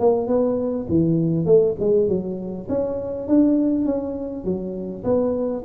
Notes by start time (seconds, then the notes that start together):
0.00 A#3
0.27 B3
0.89 E3
1.46 A3
1.80 G#3
2.08 F#3
2.69 C#4
3.28 D4
3.85 C#4
4.44 F#3
5.04 B3